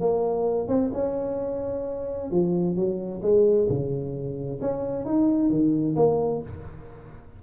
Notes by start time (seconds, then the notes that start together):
0.00 A#3
0.68 C4
0.93 C#4
2.31 F3
2.76 F#3
3.22 G#3
3.69 C#3
4.61 C#4
5.05 D#4
5.50 D#3
5.96 A#3